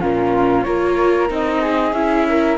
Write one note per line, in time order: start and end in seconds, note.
0.00 0.66 A#2
0.00 0.65 C#4
0.00 0.65 F4
0.00 0.63 A#4
0.63 1.30 A#3
0.63 1.29 F4
0.63 1.61 A#4
0.63 1.27 C#5
1.29 1.93 C4
1.29 1.93 D#4
1.29 1.93 D#5
1.61 2.26 G#4
1.93 2.57 C#4
1.93 2.57 E4
1.93 2.57 E5
2.28 2.57 A#4